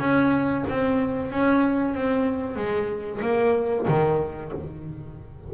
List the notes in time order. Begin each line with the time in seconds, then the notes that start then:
0.00 C#4
0.69 C4
1.31 C#4
1.95 C4
2.56 G#3
3.22 A#3
3.88 D#3